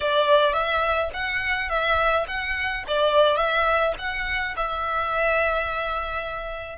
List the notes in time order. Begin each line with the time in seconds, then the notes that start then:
0.00 D5
0.53 E5
1.13 F#5
1.69 E5
2.27 F#5
2.87 D5
3.36 E5
3.98 F#5
4.56 E5